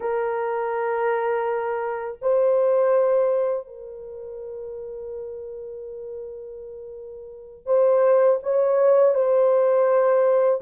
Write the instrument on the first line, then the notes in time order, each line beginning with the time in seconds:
horn
0.00 A#4
2.21 C5
3.67 A#4
7.66 C5
8.42 C#5
9.14 C5